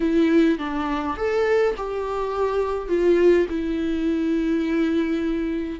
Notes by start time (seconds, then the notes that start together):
0.00 E4
0.58 D4
1.16 A4
1.77 G4
2.88 F4
3.49 E4